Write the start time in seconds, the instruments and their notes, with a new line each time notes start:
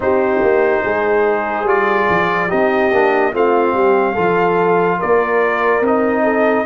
0.00 tuba C4, trombone D#4, horn G4, trumpet C5
0.42 tuba A#3
0.84 tuba G#3, horn G#4
1.63 tuba G3, trombone F4, trumpet D5
2.09 tuba F3
2.48 tuba C4, trombone D#4, horn G4, trumpet D#5
2.92 tuba A#3, trombone D4
3.33 tuba A3, trombone C4, horn F4, trumpet F5
3.73 tuba G3, horn G4
4.14 tuba F3, trombone F4, horn A4
4.99 tuba A#3, horn A#4, trumpet D5
5.80 tuba C4, trombone D#4, trumpet D#5
6.23 horn A4